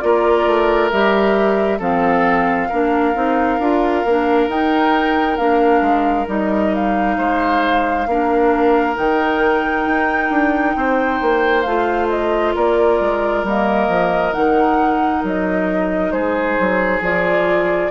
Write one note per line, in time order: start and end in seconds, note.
0.00 0.47 A#3
0.00 0.91 F4
0.00 1.79 A#4
0.00 0.90 D5
0.47 0.92 A3
0.91 1.80 G3
0.91 1.80 G4
0.91 1.81 E5
1.79 2.70 F3
1.79 2.70 C4
1.79 2.69 A4
1.79 4.50 F5
2.70 3.16 A#3
2.70 3.15 D4
2.70 7.17 A#4
3.15 3.59 C4
3.15 3.59 D#4
3.59 4.04 D4
3.59 4.06 F4
4.05 4.48 A#3
4.05 4.50 D4
4.48 5.38 D#4
4.48 5.39 D#4
4.48 5.37 G5
5.37 5.82 A#3
5.37 6.27 D4
5.37 6.26 F5
5.82 6.26 G#3
6.27 7.18 G3
6.27 8.06 D#4
6.27 6.75 D#5
6.75 8.97 F5
7.18 8.07 G#3
7.18 8.07 C5
8.07 8.96 A#3
8.07 8.95 D4
8.07 10.77 A#4
8.95 9.87 D#3
8.95 11.64 D#4
8.95 11.63 G5
9.87 10.31 D#4
10.31 10.76 D4
10.76 11.21 C4
10.76 12.56 C5
11.22 11.66 A#3
11.63 12.55 A3
11.63 13.46 F4
11.63 12.07 F5
12.09 12.54 D#5
12.56 13.01 A#3
12.56 16.13 A#4
12.56 13.46 D5
13.01 13.44 G#3
13.44 13.88 G3
13.44 14.33 A#3
13.44 14.34 D#5
13.89 14.33 F3
14.33 15.24 D#3
14.33 17.01 D#4
14.33 15.23 F#5
15.24 16.12 F#3
15.24 16.12 D#5
16.12 16.57 G#3
16.12 17.92 G#4
16.12 17.01 C5
16.61 17.01 F#3
17.01 17.90 F3
17.01 17.92 F4
17.01 17.92 D5